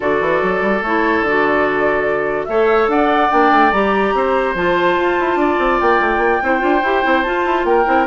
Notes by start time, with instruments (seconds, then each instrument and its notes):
0.00 bassoon D3, clarinet F#4, oboe A4, flute D5
0.20 bassoon E3
0.42 bassoon F#3
0.61 bassoon G3
0.81 bassoon A3, clarinet E4, flute C#5
1.20 bassoon D3
1.27 clarinet F#4, flute D5
2.44 bassoon A3, clarinet A4, oboe C#5, flute E5
2.87 bassoon D4, oboe D5, flute F#5
3.30 bassoon A#3, clarinet D4, flute G5
3.51 bassoon A3
3.71 bassoon G3, clarinet G4, flute A#5
4.14 bassoon C4, oboe C5
4.54 bassoon F3, clarinet F4, flute A5
4.96 bassoon F4
5.19 bassoon E4
5.35 bassoon D4, oboe D5
5.58 bassoon C4
5.80 bassoon A#3, flute G5
6.00 bassoon A3
6.17 bassoon A#3
6.42 bassoon C4, clarinet E4, oboe C5
6.59 bassoon D4, clarinet F4
6.82 bassoon E4, clarinet G4
7.03 bassoon C4, clarinet E4
7.22 clarinet F4, bassoon F4, flute A5
7.45 bassoon E4
7.64 bassoon A#3, oboe A#4, flute G5
7.85 bassoon C4, clarinet E4